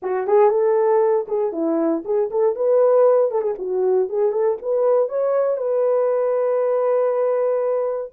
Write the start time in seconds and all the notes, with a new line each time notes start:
0.02 F#4
0.27 G#4
0.50 A4
1.27 G#4
1.52 E4
2.04 G#4
2.30 A4
2.55 B4
3.31 A4
3.41 G#4
3.58 F#4
4.09 G#4
4.32 A4
4.62 B4
5.08 C#5
5.57 B4